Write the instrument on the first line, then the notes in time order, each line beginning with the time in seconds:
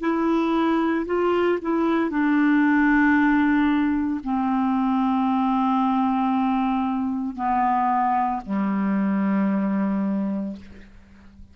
clarinet
0.00 E4
1.06 F4
1.62 E4
2.10 D4
4.23 C4
7.35 B3
8.45 G3